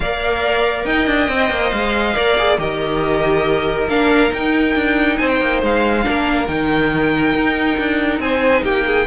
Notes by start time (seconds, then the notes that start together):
0.00 A#3 A#4 D5 F5
0.84 D#4 D#5 G5
1.06 D4
1.28 C4 C5
1.50 A#3
1.69 G#3 F5
2.14 A#3 A#4 D5
2.38 G#4
2.58 D#3 G4 A#4 D#5
3.88 A#3 D4 F5
4.29 D#4 G5
4.75 D4
5.18 C4 C5 G#5
5.27 G5
5.40 A#3
5.62 G#3 F5
6.03 A#3 D4 A#4
6.47 D#3 D#4 G5
7.34 D#4
7.78 D4
8.19 C4 C5 G#5
8.62 A#3 G4 G5
8.86 G#4